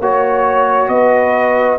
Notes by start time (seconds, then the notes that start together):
0.00 A#3 F#4 C#5
0.89 B3 B4 D#5